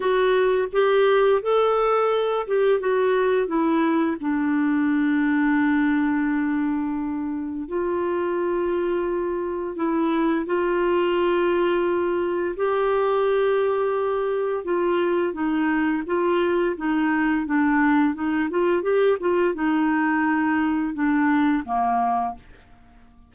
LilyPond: \new Staff \with { instrumentName = "clarinet" } { \time 4/4 \tempo 4 = 86 fis'4 g'4 a'4. g'8 | fis'4 e'4 d'2~ | d'2. f'4~ | f'2 e'4 f'4~ |
f'2 g'2~ | g'4 f'4 dis'4 f'4 | dis'4 d'4 dis'8 f'8 g'8 f'8 | dis'2 d'4 ais4 | }